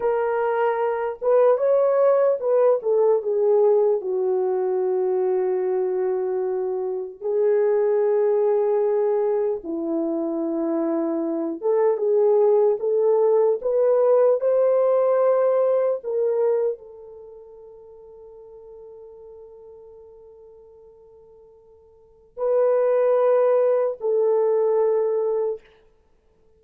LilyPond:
\new Staff \with { instrumentName = "horn" } { \time 4/4 \tempo 4 = 75 ais'4. b'8 cis''4 b'8 a'8 | gis'4 fis'2.~ | fis'4 gis'2. | e'2~ e'8 a'8 gis'4 |
a'4 b'4 c''2 | ais'4 a'2.~ | a'1 | b'2 a'2 | }